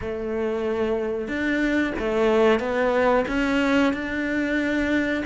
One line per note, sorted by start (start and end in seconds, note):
0.01 1.28 A3
1.28 1.93 D4
1.98 2.59 A3
2.59 3.24 B3
3.28 3.93 C#4
3.93 5.23 D4